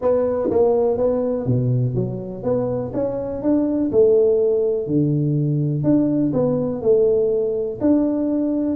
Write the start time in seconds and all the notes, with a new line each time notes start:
0.01 B3
0.50 A#3
0.97 B3
1.46 B2
1.94 F#3
2.43 B3
2.93 C#4
3.42 D4
3.91 A3
4.86 D3
5.83 D4
6.33 B3
6.81 A3
7.80 D4